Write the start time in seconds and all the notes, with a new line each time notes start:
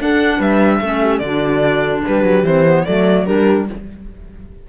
0.00 D4 A4 F#5
0.37 G3 B4 E5
0.81 A3 C#4 A4
1.01 G4
1.19 D3 D4 F#4 D5
2.05 G3 G4 B4
2.23 F#3
2.43 E3 C4 C5
2.65 B3
2.85 F#3 A3 A4 D5
3.25 G3 D4 G4 A#4